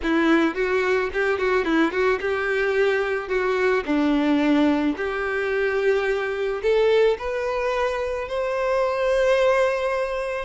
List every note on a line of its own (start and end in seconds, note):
0.03 0.55 E4
0.55 1.10 F#4
1.13 1.38 G4
1.38 1.64 F#4
1.64 1.91 E4
1.91 2.19 F#4
2.20 3.28 G4
3.28 3.83 F#4
3.85 4.95 D4
4.96 6.61 G4
6.62 7.17 A4
7.18 8.28 B4
8.28 10.45 C5